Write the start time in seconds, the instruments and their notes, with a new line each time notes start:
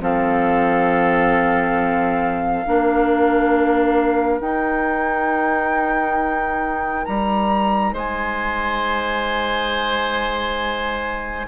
0.00 bassoon F3, clarinet C4, oboe A4, flute F5
2.65 bassoon A#3, clarinet D4, oboe A#4
4.40 bassoon D#4, clarinet D#4, flute G5
7.05 bassoon G3, flute A#5
7.92 bassoon G#3, oboe C5, flute G#5